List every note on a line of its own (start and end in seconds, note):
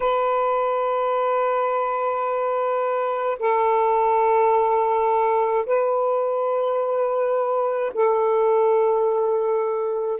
0.00 3.38 B4
3.39 5.66 A4
5.66 7.92 B4
7.93 10.20 A4